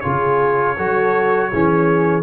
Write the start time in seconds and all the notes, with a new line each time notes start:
0.00 C#3 F4 G#4 C#5
0.77 F#3 F#4 A4
1.49 E3 C#4 G#4